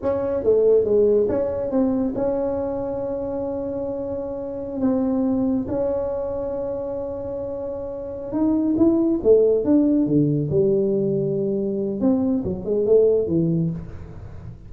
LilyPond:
\new Staff \with { instrumentName = "tuba" } { \time 4/4 \tempo 4 = 140 cis'4 a4 gis4 cis'4 | c'4 cis'2.~ | cis'2.~ cis'16 c'8.~ | c'4~ c'16 cis'2~ cis'8.~ |
cis'2.~ cis'8 dis'8~ | dis'8 e'4 a4 d'4 d8~ | d8 g2.~ g8 | c'4 fis8 gis8 a4 e4 | }